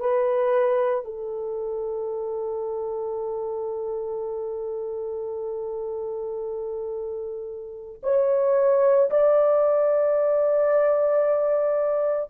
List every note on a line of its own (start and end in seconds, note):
0.00 1.05 B4
1.05 8.01 A4
8.03 9.10 C#5
9.11 12.30 D5